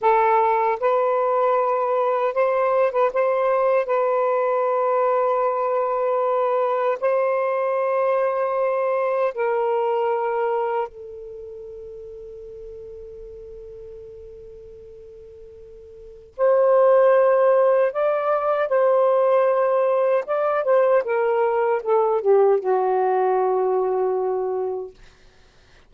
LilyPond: \new Staff \with { instrumentName = "saxophone" } { \time 4/4 \tempo 4 = 77 a'4 b'2 c''8. b'16 | c''4 b'2.~ | b'4 c''2. | ais'2 a'2~ |
a'1~ | a'4 c''2 d''4 | c''2 d''8 c''8 ais'4 | a'8 g'8 fis'2. | }